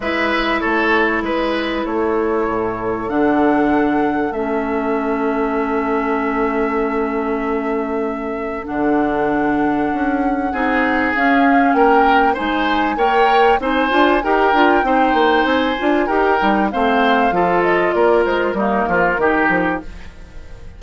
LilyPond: <<
  \new Staff \with { instrumentName = "flute" } { \time 4/4 \tempo 4 = 97 e''4 cis''4 b'4 cis''4~ | cis''4 fis''2 e''4~ | e''1~ | e''2 fis''2~ |
fis''2 f''4 g''4 | gis''4 g''4 gis''4 g''4~ | g''4 gis''4 g''4 f''4~ | f''8 dis''8 d''8 c''8 ais'2 | }
  \new Staff \with { instrumentName = "oboe" } { \time 4/4 b'4 a'4 b'4 a'4~ | a'1~ | a'1~ | a'1~ |
a'4 gis'2 ais'4 | c''4 cis''4 c''4 ais'4 | c''2 ais'4 c''4 | a'4 ais'4 dis'8 f'8 g'4 | }
  \new Staff \with { instrumentName = "clarinet" } { \time 4/4 e'1~ | e'4 d'2 cis'4~ | cis'1~ | cis'2 d'2~ |
d'4 dis'4 cis'2 | dis'4 ais'4 dis'8 f'8 g'8 f'8 | dis'4. f'8 g'8 dis'8 c'4 | f'2 ais4 dis'4 | }
  \new Staff \with { instrumentName = "bassoon" } { \time 4/4 gis4 a4 gis4 a4 | a,4 d2 a4~ | a1~ | a2 d2 |
cis'4 c'4 cis'4 ais4 | gis4 ais4 c'8 d'8 dis'8 d'8 | c'8 ais8 c'8 d'8 dis'8 g8 a4 | f4 ais8 gis8 g8 f8 dis8 f8 | }
>>